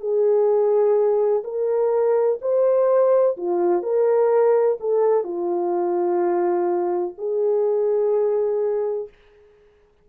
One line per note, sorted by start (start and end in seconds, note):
0.00 1.43 G#4
1.44 2.39 A#4
2.42 3.37 C5
3.37 3.82 F4
3.82 4.77 A#4
4.80 5.24 A4
5.24 7.14 F4
7.18 9.08 G#4